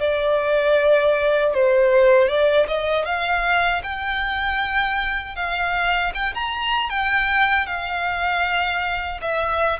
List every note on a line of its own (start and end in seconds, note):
0.00 1.54 D5
1.54 2.28 C5
2.28 2.67 D5
2.67 3.05 D#5
3.05 3.82 F5
3.83 5.35 G5
5.35 6.12 F5
6.14 6.33 G5
6.34 6.90 A#5
6.90 7.66 G5
7.66 9.20 F5
9.22 9.79 E5